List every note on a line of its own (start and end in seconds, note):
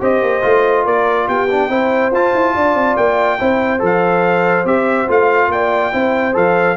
0.00 0.22 C4
0.00 0.42 G4
0.00 0.84 C5
0.00 0.86 D#5
0.22 0.43 A#3
0.42 0.86 A3
0.42 1.48 F4
0.84 1.28 A#3
0.84 1.26 A#4
0.84 1.28 D5
1.27 1.69 B3
1.27 1.69 G4
1.27 2.13 G5
1.51 1.69 D4
1.69 2.12 C4
1.69 2.12 E4
1.69 2.54 C5
2.12 2.33 F4
2.12 3.39 F4
2.12 2.96 A5
2.34 2.55 E4
2.54 2.74 D4
2.54 3.39 D5
2.74 2.96 C4
2.96 3.39 A#3
2.96 3.81 G5
3.39 3.82 C4
3.39 3.79 E4
3.39 5.51 C5
3.79 4.65 F3
3.79 4.64 A4
3.79 4.67 F5
4.65 5.07 C4
4.65 5.08 G4
4.65 5.09 E5
5.08 5.48 A3
5.08 5.92 F4
5.08 5.52 F5
5.48 5.91 A#3
5.48 5.93 D5
5.48 6.36 G5
5.92 6.36 C4
5.92 6.33 E4
5.92 6.77 C5
6.33 6.77 F3
6.33 6.75 A4
6.33 6.77 F5